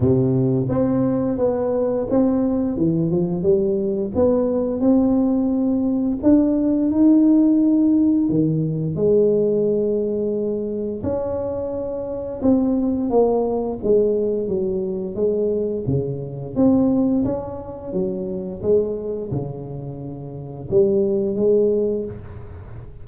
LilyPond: \new Staff \with { instrumentName = "tuba" } { \time 4/4 \tempo 4 = 87 c4 c'4 b4 c'4 | e8 f8 g4 b4 c'4~ | c'4 d'4 dis'2 | dis4 gis2. |
cis'2 c'4 ais4 | gis4 fis4 gis4 cis4 | c'4 cis'4 fis4 gis4 | cis2 g4 gis4 | }